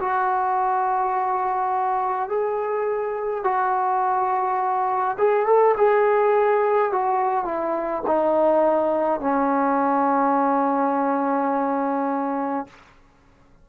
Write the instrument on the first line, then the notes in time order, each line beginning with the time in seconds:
trombone
0.00 F#4
2.29 G#4
3.44 F#4
5.18 G#4
5.46 A4
5.77 G#4
6.92 F#4
7.45 E4
8.07 D#4
9.20 C#4